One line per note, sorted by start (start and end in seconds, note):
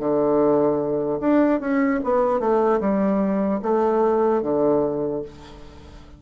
0.00 1.20 D3
1.21 1.60 D4
1.60 2.00 C#4
2.04 2.40 B3
2.40 2.80 A3
2.81 3.61 G3
3.63 4.43 A3
4.43 5.23 D3